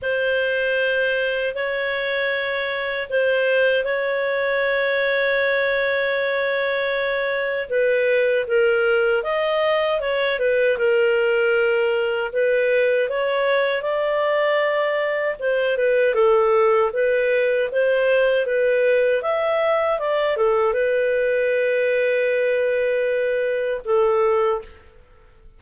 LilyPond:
\new Staff \with { instrumentName = "clarinet" } { \time 4/4 \tempo 4 = 78 c''2 cis''2 | c''4 cis''2.~ | cis''2 b'4 ais'4 | dis''4 cis''8 b'8 ais'2 |
b'4 cis''4 d''2 | c''8 b'8 a'4 b'4 c''4 | b'4 e''4 d''8 a'8 b'4~ | b'2. a'4 | }